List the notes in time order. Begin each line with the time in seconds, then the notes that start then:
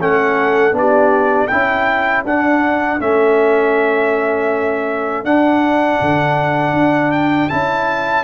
0.00 A3 C#4 A4 F#5
0.72 B3 D4 D5
0.79 G4
1.48 C#4 E4 A4 G5
2.25 D4 F#5
3.00 A3 C#4 E5
5.24 D4 F#5
6.01 D3
6.73 D4
7.12 G5
7.49 C#4 E4 A5